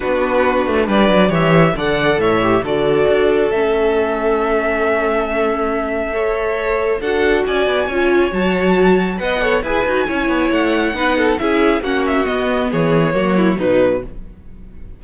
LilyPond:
<<
  \new Staff \with { instrumentName = "violin" } { \time 4/4 \tempo 4 = 137 b'2 d''4 e''4 | fis''4 e''4 d''2 | e''1~ | e''1 |
fis''4 gis''2 a''4~ | a''4 fis''4 gis''2 | fis''2 e''4 fis''8 e''8 | dis''4 cis''2 b'4 | }
  \new Staff \with { instrumentName = "violin" } { \time 4/4 fis'2 b'4 cis''4 | d''4 cis''4 a'2~ | a'1~ | a'2 cis''2 |
a'4 d''4 cis''2~ | cis''4 dis''8 cis''8 b'4 cis''4~ | cis''4 b'8 a'8 gis'4 fis'4~ | fis'4 gis'4 fis'8 e'8 dis'4 | }
  \new Staff \with { instrumentName = "viola" } { \time 4/4 d'2. g'4 | a'4. g'8 fis'2 | cis'1~ | cis'2 a'2 |
fis'2 f'4 fis'4~ | fis'4 b'8 a'8 gis'8 fis'8 e'4~ | e'4 dis'4 e'4 cis'4 | b2 ais4 fis4 | }
  \new Staff \with { instrumentName = "cello" } { \time 4/4 b4. a8 g8 fis8 e4 | d4 a,4 d4 d'4 | a1~ | a1 |
d'4 cis'8 b8 cis'4 fis4~ | fis4 b4 e'8 dis'8 cis'8 b8 | a4 b4 cis'4 ais4 | b4 e4 fis4 b,4 | }
>>